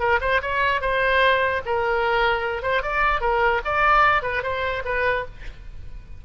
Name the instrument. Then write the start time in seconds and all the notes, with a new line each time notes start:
oboe
0.00 A#4
0.21 C5
0.42 C#5
0.82 C5
1.66 A#4
2.63 C5
2.83 D5
3.21 A#4
3.65 D5
4.23 B4
4.43 C5
4.85 B4